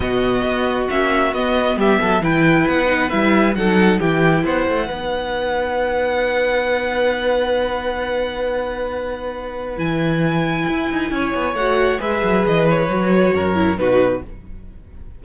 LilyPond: <<
  \new Staff \with { instrumentName = "violin" } { \time 4/4 \tempo 4 = 135 dis''2 e''4 dis''4 | e''4 g''4 fis''4 e''4 | fis''4 g''4 fis''2~ | fis''1~ |
fis''1~ | fis''2 gis''2~ | gis''2 fis''4 e''4 | dis''8 cis''2~ cis''8 b'4 | }
  \new Staff \with { instrumentName = "violin" } { \time 4/4 fis'1 | g'8 a'8 b'2. | a'4 g'4 c''4 b'4~ | b'1~ |
b'1~ | b'1~ | b'4 cis''2 b'4~ | b'2 ais'4 fis'4 | }
  \new Staff \with { instrumentName = "viola" } { \time 4/4 b2 cis'4 b4~ | b4 e'4. dis'8 e'4 | dis'4 e'2 dis'4~ | dis'1~ |
dis'1~ | dis'2 e'2~ | e'2 fis'4 gis'4~ | gis'4 fis'4. e'8 dis'4 | }
  \new Staff \with { instrumentName = "cello" } { \time 4/4 b,4 b4 ais4 b4 | g8 fis8 e4 b4 g4 | fis4 e4 b8 a8 b4~ | b1~ |
b1~ | b2 e2 | e'8 dis'8 cis'8 b8 a4 gis8 fis8 | e4 fis4 fis,4 b,4 | }
>>